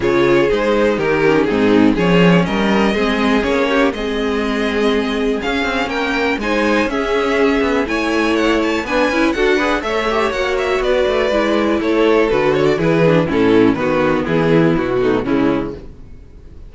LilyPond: <<
  \new Staff \with { instrumentName = "violin" } { \time 4/4 \tempo 4 = 122 cis''4 c''4 ais'4 gis'4 | cis''4 dis''2 cis''4 | dis''2. f''4 | g''4 gis''4 e''2 |
gis''4 fis''8 a''8 gis''4 fis''4 | e''4 fis''8 e''8 d''2 | cis''4 b'8 cis''16 d''16 b'4 a'4 | b'4 gis'4 fis'4 e'4 | }
  \new Staff \with { instrumentName = "violin" } { \time 4/4 gis'2 g'4 dis'4 | gis'4 ais'4 gis'4. g'8 | gis'1 | ais'4 c''4 gis'2 |
cis''2 b'4 a'8 b'8 | cis''2 b'2 | a'2 gis'4 e'4 | fis'4 e'4. dis'8 cis'4 | }
  \new Staff \with { instrumentName = "viola" } { \time 4/4 f'4 dis'4. cis'8 c'4 | cis'2 c'4 cis'4 | c'2. cis'4~ | cis'4 dis'4 cis'2 |
e'2 d'8 e'8 fis'8 gis'8 | a'8 g'8 fis'2 e'4~ | e'4 fis'4 e'8 d'8 cis'4 | b2~ b8 a8 gis4 | }
  \new Staff \with { instrumentName = "cello" } { \time 4/4 cis4 gis4 dis4 gis,4 | f4 g4 gis4 ais4 | gis2. cis'8 c'8 | ais4 gis4 cis'4. b8 |
a2 b8 cis'8 d'4 | a4 ais4 b8 a8 gis4 | a4 d4 e4 a,4 | dis4 e4 b,4 cis4 | }
>>